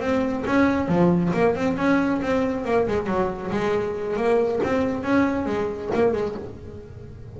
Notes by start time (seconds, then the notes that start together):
0.00 C4
0.46 C#4
0.88 F3
1.33 A#3
1.55 C4
1.77 C#4
2.22 C4
2.65 A#3
2.87 G#3
3.06 F#3
3.51 G#3
4.16 A#3
4.63 C4
5.03 C#4
5.45 G#3
5.94 A#3
6.13 G#3